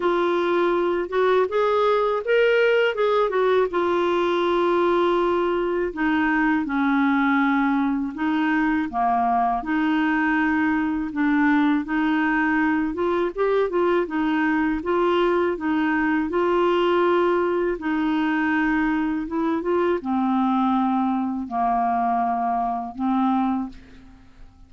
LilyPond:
\new Staff \with { instrumentName = "clarinet" } { \time 4/4 \tempo 4 = 81 f'4. fis'8 gis'4 ais'4 | gis'8 fis'8 f'2. | dis'4 cis'2 dis'4 | ais4 dis'2 d'4 |
dis'4. f'8 g'8 f'8 dis'4 | f'4 dis'4 f'2 | dis'2 e'8 f'8 c'4~ | c'4 ais2 c'4 | }